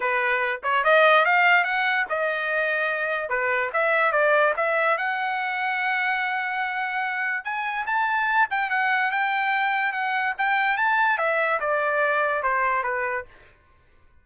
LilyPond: \new Staff \with { instrumentName = "trumpet" } { \time 4/4 \tempo 4 = 145 b'4. cis''8 dis''4 f''4 | fis''4 dis''2. | b'4 e''4 d''4 e''4 | fis''1~ |
fis''2 gis''4 a''4~ | a''8 g''8 fis''4 g''2 | fis''4 g''4 a''4 e''4 | d''2 c''4 b'4 | }